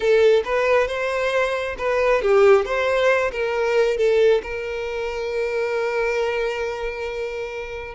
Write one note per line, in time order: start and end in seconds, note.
0.00 0.43 A4
0.44 0.87 B4
0.87 1.75 C5
1.77 2.22 B4
2.22 2.65 G4
2.65 3.31 C5
3.31 3.97 A#4
3.97 4.41 A4
4.43 7.94 A#4